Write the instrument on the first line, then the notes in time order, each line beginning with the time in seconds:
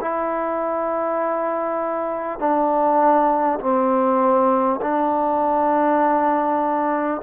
trombone
0.00 E4
2.39 D4
3.59 C4
4.81 D4